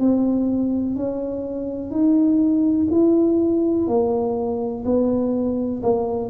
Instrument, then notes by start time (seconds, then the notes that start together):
tuba
0.00 C4
0.96 C#4
1.91 D#4
2.91 E4
3.88 A#3
4.86 B3
5.83 A#3